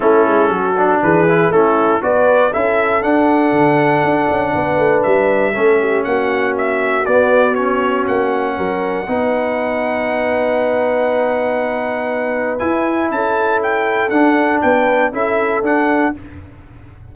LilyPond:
<<
  \new Staff \with { instrumentName = "trumpet" } { \time 4/4 \tempo 4 = 119 a'2 b'4 a'4 | d''4 e''4 fis''2~ | fis''2 e''2 | fis''4 e''4 d''4 cis''4 |
fis''1~ | fis''1~ | fis''4 gis''4 a''4 g''4 | fis''4 g''4 e''4 fis''4 | }
  \new Staff \with { instrumentName = "horn" } { \time 4/4 e'4 fis'4 gis'4 e'4 | b'4 a'2.~ | a'4 b'2 a'8 g'8 | fis'1~ |
fis'4 ais'4 b'2~ | b'1~ | b'2 a'2~ | a'4 b'4 a'2 | }
  \new Staff \with { instrumentName = "trombone" } { \time 4/4 cis'4. d'4 e'8 cis'4 | fis'4 e'4 d'2~ | d'2. cis'4~ | cis'2 b4 cis'4~ |
cis'2 dis'2~ | dis'1~ | dis'4 e'2. | d'2 e'4 d'4 | }
  \new Staff \with { instrumentName = "tuba" } { \time 4/4 a8 gis8 fis4 e4 a4 | b4 cis'4 d'4 d4 | d'8 cis'8 b8 a8 g4 a4 | ais2 b2 |
ais4 fis4 b2~ | b1~ | b4 e'4 cis'2 | d'4 b4 cis'4 d'4 | }
>>